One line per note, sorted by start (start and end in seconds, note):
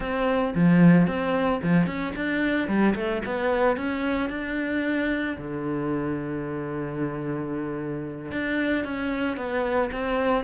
0.00 0.54 C4
0.55 1.07 F3
1.07 1.60 C4
1.62 1.86 F3
1.86 2.13 C#4
2.15 2.67 D4
2.67 2.94 G3
2.95 3.22 A3
3.25 3.76 B3
3.76 4.29 C#4
4.29 5.36 D4
5.37 8.31 D3
8.31 8.84 D4
8.84 9.37 C#4
9.37 9.90 B3
9.91 10.44 C4